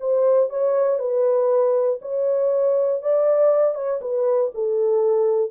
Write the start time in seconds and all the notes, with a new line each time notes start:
0.00 C5
0.49 C#5
0.99 B4
2.01 C#5
3.02 D5
3.75 C#5
4.01 B4
4.54 A4